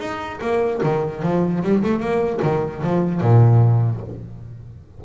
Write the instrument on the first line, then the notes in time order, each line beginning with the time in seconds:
double bass
0.00 D#4
0.41 A#3
0.83 D#3
1.23 F3
1.63 G3
1.83 A3
2.00 A#3
2.43 D#3
2.83 F3
3.21 A#2